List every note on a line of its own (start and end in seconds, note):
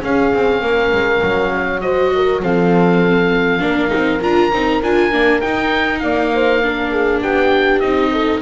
0.00 1.80 C#4
0.00 0.33 C#4
0.00 0.61 G#4
0.00 1.81 F5
0.34 0.61 C4
0.61 0.91 A#3
0.61 1.51 A#4
0.92 1.22 G#3
1.23 2.43 F#3
1.54 1.83 C#5
1.81 2.42 F#4
1.81 2.13 C5
1.81 2.41 D#5
2.15 2.42 A#4
2.42 3.62 F3
2.42 3.59 C4
2.42 3.62 A4
2.42 4.22 F5
3.59 3.92 A#3
3.59 3.88 D4
3.59 6.02 A#4
3.88 4.18 D#4
3.94 4.23 C4
4.22 4.52 D4
4.22 4.52 F4
4.22 4.82 A#5
4.52 4.82 C4
4.52 4.82 D#4
4.83 5.12 D4
4.83 5.12 F4
4.83 5.41 G#5
5.12 5.42 A#3
5.12 5.42 D4
5.41 6.62 D#4
5.41 6.03 D#4
5.41 5.99 G5
5.99 7.23 A#3
5.99 6.32 D5
5.99 7.19 F5
6.33 6.63 C5
6.63 7.83 D4
6.63 6.91 A#4
6.91 7.21 G#4
7.21 7.82 B3
7.21 8.11 G4
7.21 7.79 G5
7.79 8.42 C4
7.79 8.42 D#4
7.79 8.39 D#5
8.12 8.42 A4